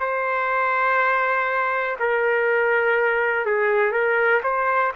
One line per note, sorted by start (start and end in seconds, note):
0.00 1.97 C5
1.99 3.46 A#4
3.46 3.92 G#4
3.92 4.41 A#4
4.43 4.92 C5